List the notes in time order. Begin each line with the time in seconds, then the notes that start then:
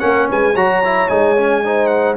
0.00 A#3 C#4 A#4 F#5
0.29 G#3 B4 G#5
0.54 F#3 F#4 C#5 A#5
0.85 E4
1.09 G#3 D#4 G#5
1.37 C#4
1.64 D#4 C5
1.87 F#5